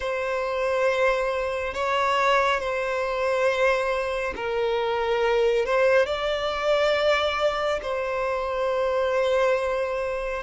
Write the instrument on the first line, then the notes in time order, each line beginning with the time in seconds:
violin
0.00 C5
1.74 C#5
2.60 C5
4.36 A#4
5.65 C5
6.06 D5
7.82 C5